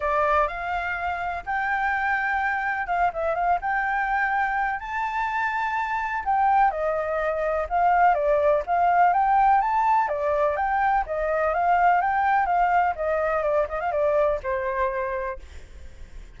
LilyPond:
\new Staff \with { instrumentName = "flute" } { \time 4/4 \tempo 4 = 125 d''4 f''2 g''4~ | g''2 f''8 e''8 f''8 g''8~ | g''2 a''2~ | a''4 g''4 dis''2 |
f''4 d''4 f''4 g''4 | a''4 d''4 g''4 dis''4 | f''4 g''4 f''4 dis''4 | d''8 dis''16 f''16 d''4 c''2 | }